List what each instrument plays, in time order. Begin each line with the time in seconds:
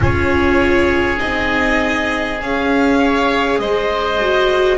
0.00 double bass C#4, viola F4, oboe G#4, violin C#5
1.17 double bass C4, viola D#4, violin D#5
2.41 double bass C#4, viola G#4, violin F5
2.98 oboe C#5
3.58 double bass G#3, oboe C5, violin D#5
4.21 viola F#4